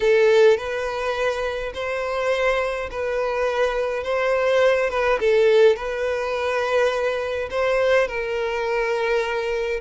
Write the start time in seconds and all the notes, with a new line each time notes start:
0.00 A4
0.57 B4
1.74 C5
2.90 B4
4.03 C5
4.90 B4
5.19 A4
5.76 B4
7.50 C5
8.07 A#4